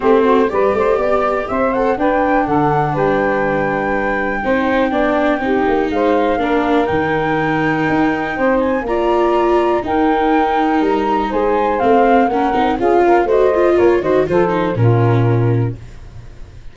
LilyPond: <<
  \new Staff \with { instrumentName = "flute" } { \time 4/4 \tempo 4 = 122 c''4 d''2 e''8 fis''8 | g''4 fis''4 g''2~ | g''1 | f''2 g''2~ |
g''4. gis''8 ais''2 | g''2 ais''4 gis''4 | f''4 fis''4 f''4 dis''4 | cis''8 dis''8 c''4 ais'2 | }
  \new Staff \with { instrumentName = "saxophone" } { \time 4/4 g'8 fis'8 b'8 c''8 d''4 c''4 | b'4 a'4 b'2~ | b'4 c''4 d''4 g'4 | c''4 ais'2.~ |
ais'4 c''4 d''2 | ais'2. c''4~ | c''4 ais'4 gis'8 ais'8 c''4 | ais'8 c''8 a'4 f'2 | }
  \new Staff \with { instrumentName = "viola" } { \time 4/4 c'4 g'2~ g'8 a'8 | d'1~ | d'4 dis'4 d'4 dis'4~ | dis'4 d'4 dis'2~ |
dis'2 f'2 | dis'1 | c'4 cis'8 dis'8 f'4 fis'8 f'8~ | f'8 fis'8 f'8 dis'8 cis'2 | }
  \new Staff \with { instrumentName = "tuba" } { \time 4/4 a4 g8 a8 b4 c'4 | d'4 d4 g2~ | g4 c'4 b4 c'8 ais8 | gis4 ais4 dis2 |
dis'4 c'4 ais2 | dis'2 g4 gis4 | a4 ais8 c'8 cis'4 a4 | ais8 dis8 f4 ais,2 | }
>>